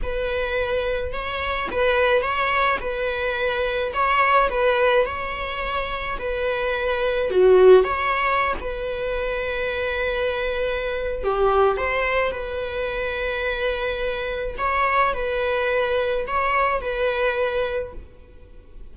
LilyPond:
\new Staff \with { instrumentName = "viola" } { \time 4/4 \tempo 4 = 107 b'2 cis''4 b'4 | cis''4 b'2 cis''4 | b'4 cis''2 b'4~ | b'4 fis'4 cis''4~ cis''16 b'8.~ |
b'1 | g'4 c''4 b'2~ | b'2 cis''4 b'4~ | b'4 cis''4 b'2 | }